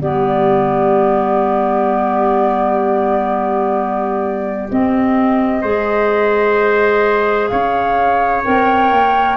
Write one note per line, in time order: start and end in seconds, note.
0.00 4.70 G3
0.00 4.69 B3
0.00 5.62 G4
0.00 4.70 D5
4.70 5.63 C4
4.70 7.48 D#5
5.62 7.51 G#3
5.62 8.45 G#4
5.62 7.50 C5
7.48 8.46 C#4
7.48 9.38 C#5
7.48 8.42 F5
8.45 8.91 C4
8.45 9.38 A#4
8.45 9.38 G5
8.91 9.38 A#3